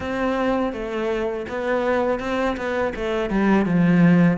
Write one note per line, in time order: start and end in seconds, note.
0.00 0.73 C4
0.73 1.46 A3
1.48 2.20 B3
2.20 2.56 C4
2.56 2.93 B3
2.95 3.30 A3
3.30 3.65 G3
3.65 4.37 F3